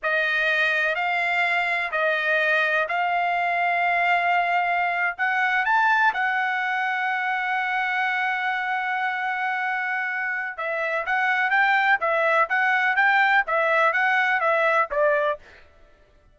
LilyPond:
\new Staff \with { instrumentName = "trumpet" } { \time 4/4 \tempo 4 = 125 dis''2 f''2 | dis''2 f''2~ | f''2~ f''8. fis''4 a''16~ | a''8. fis''2.~ fis''16~ |
fis''1~ | fis''2 e''4 fis''4 | g''4 e''4 fis''4 g''4 | e''4 fis''4 e''4 d''4 | }